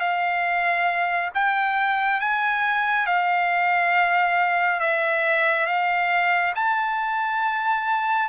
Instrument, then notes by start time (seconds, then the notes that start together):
trumpet
0.00 F5
1.34 G5
2.21 G#5
3.06 F5
4.80 E5
5.66 F5
6.55 A5